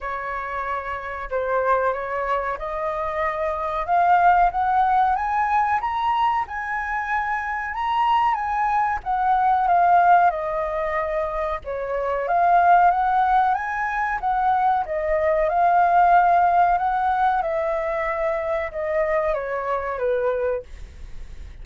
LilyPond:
\new Staff \with { instrumentName = "flute" } { \time 4/4 \tempo 4 = 93 cis''2 c''4 cis''4 | dis''2 f''4 fis''4 | gis''4 ais''4 gis''2 | ais''4 gis''4 fis''4 f''4 |
dis''2 cis''4 f''4 | fis''4 gis''4 fis''4 dis''4 | f''2 fis''4 e''4~ | e''4 dis''4 cis''4 b'4 | }